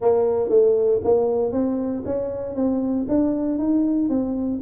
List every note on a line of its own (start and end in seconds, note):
0.01 0.49 A#3
0.49 1.00 A3
1.03 1.52 A#3
1.52 2.03 C4
2.05 2.55 C#4
2.55 3.06 C4
3.08 3.58 D4
3.58 4.09 D#4
4.09 4.60 C4